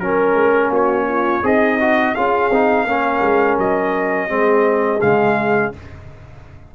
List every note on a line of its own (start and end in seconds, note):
0.00 0.34 F#3
0.00 1.43 C#4
0.00 0.71 A#4
0.00 0.69 A#4
0.34 0.69 G#3
0.69 1.41 A#3
0.69 1.05 F#4
0.69 1.46 C#5
1.08 1.44 F4
1.43 2.15 C4
1.43 2.14 D#4
1.43 1.79 G#4
1.43 2.15 D#5
1.80 2.16 F#4
2.14 2.50 C#4
2.14 2.52 F4
2.14 2.85 G#4
2.14 3.58 F5
2.50 2.84 C4
2.50 2.88 D#4
2.84 3.20 A#3
2.84 4.28 C#4
2.84 4.28 A#4
3.21 3.57 G#3
3.58 4.29 F#3
3.58 5.01 D#5
4.28 5.01 G#3
4.28 5.00 C4
4.28 5.75 G#4
5.01 5.74 C#3
5.01 5.73 G#3
5.01 5.72 F5